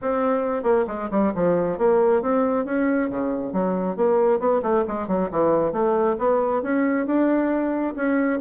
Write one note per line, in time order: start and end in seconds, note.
0.01 0.63 C4
0.63 0.85 A#3
0.87 1.09 G#3
1.10 1.33 G3
1.35 1.77 F3
1.77 2.22 A#3
2.22 2.65 C4
2.65 3.09 C#4
3.09 3.53 C#3
3.53 3.96 F#3
3.96 4.39 A#3
4.39 4.61 B3
4.62 4.84 A3
4.87 5.07 G#3
5.07 5.29 F#3
5.31 5.72 E3
5.72 6.16 A3
6.18 6.62 B3
6.62 7.06 C#4
7.06 7.94 D4
7.96 8.40 C#4